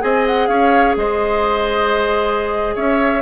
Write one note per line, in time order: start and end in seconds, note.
0.00 0.48 C4
0.00 3.21 G#4
0.00 0.49 D#5
0.00 0.25 G#5
0.27 0.47 F#5
0.47 0.96 C#4
0.47 0.96 C#5
0.47 0.95 F5
0.96 2.75 G#3
0.96 2.75 C5
0.96 2.76 D#5
2.75 3.22 C#4
2.75 3.22 C#5
2.75 3.22 E5